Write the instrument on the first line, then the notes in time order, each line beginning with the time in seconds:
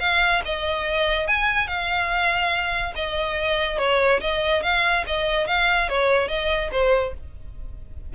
violin
0.00 F5
0.45 D#5
1.28 G#5
1.68 F5
2.96 D#5
3.78 C#5
4.21 D#5
4.63 F5
5.07 D#5
5.47 F5
5.89 C#5
6.28 D#5
6.72 C5